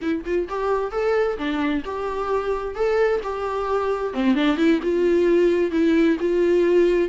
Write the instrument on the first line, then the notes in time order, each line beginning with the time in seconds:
viola
0.01 E4
0.25 F4
0.49 G4
0.91 A4
1.37 D4
1.84 G4
2.75 A4
3.23 G4
4.13 C4
4.34 D4
4.57 E4
4.82 F4
5.71 E4
6.20 F4